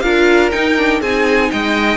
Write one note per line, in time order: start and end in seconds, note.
0.00 0.52 D4
0.00 0.51 F4
0.00 1.00 A#4
0.00 0.50 F5
0.51 0.76 D#4
0.51 1.01 D#4
0.51 1.01 G5
0.76 1.01 D4
1.00 1.50 C4
1.00 1.96 D#4
1.00 1.50 G#4
1.00 1.51 G#5
1.51 1.96 G#3
1.51 1.96 D#5
1.51 1.96 G5